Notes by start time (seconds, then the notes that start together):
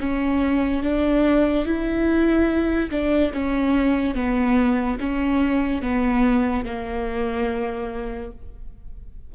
0.00 C#4
0.83 D4
1.66 E4
2.91 D4
3.34 C#4
4.15 B3
5.00 C#4
5.83 B3
6.66 A#3